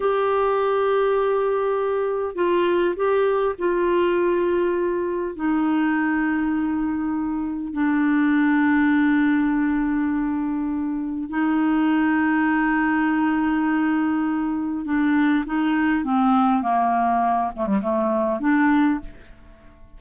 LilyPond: \new Staff \with { instrumentName = "clarinet" } { \time 4/4 \tempo 4 = 101 g'1 | f'4 g'4 f'2~ | f'4 dis'2.~ | dis'4 d'2.~ |
d'2. dis'4~ | dis'1~ | dis'4 d'4 dis'4 c'4 | ais4. a16 g16 a4 d'4 | }